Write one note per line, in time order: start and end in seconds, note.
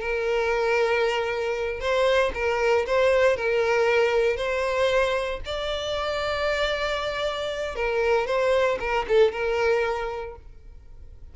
0.00 1.80 A#4
1.80 2.32 C5
2.34 2.86 A#4
2.86 3.36 C5
3.36 4.36 A#4
4.36 5.40 C5
5.45 7.75 D5
7.75 8.26 A#4
8.26 8.78 C5
8.80 9.05 A#4
9.08 9.32 A4
9.32 10.35 A#4